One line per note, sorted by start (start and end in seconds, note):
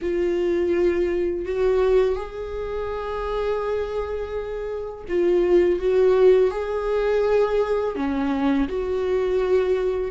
0.01 1.45 F4
1.45 2.15 F#4
2.15 5.04 G#4
5.08 5.79 F4
5.79 6.51 F#4
6.51 7.95 G#4
7.95 8.67 C#4
8.68 10.11 F#4